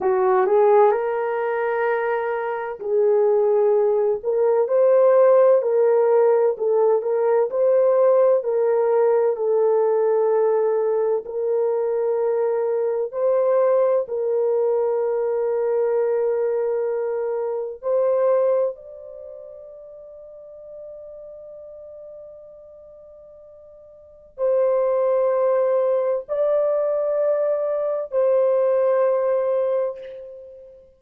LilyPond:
\new Staff \with { instrumentName = "horn" } { \time 4/4 \tempo 4 = 64 fis'8 gis'8 ais'2 gis'4~ | gis'8 ais'8 c''4 ais'4 a'8 ais'8 | c''4 ais'4 a'2 | ais'2 c''4 ais'4~ |
ais'2. c''4 | d''1~ | d''2 c''2 | d''2 c''2 | }